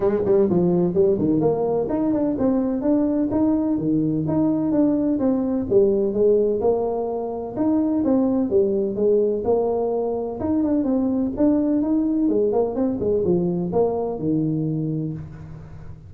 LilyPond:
\new Staff \with { instrumentName = "tuba" } { \time 4/4 \tempo 4 = 127 gis8 g8 f4 g8 dis8 ais4 | dis'8 d'8 c'4 d'4 dis'4 | dis4 dis'4 d'4 c'4 | g4 gis4 ais2 |
dis'4 c'4 g4 gis4 | ais2 dis'8 d'8 c'4 | d'4 dis'4 gis8 ais8 c'8 gis8 | f4 ais4 dis2 | }